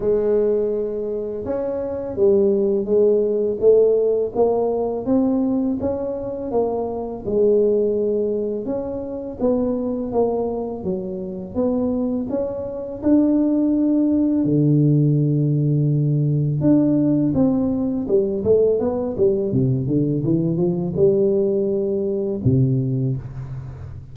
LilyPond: \new Staff \with { instrumentName = "tuba" } { \time 4/4 \tempo 4 = 83 gis2 cis'4 g4 | gis4 a4 ais4 c'4 | cis'4 ais4 gis2 | cis'4 b4 ais4 fis4 |
b4 cis'4 d'2 | d2. d'4 | c'4 g8 a8 b8 g8 c8 d8 | e8 f8 g2 c4 | }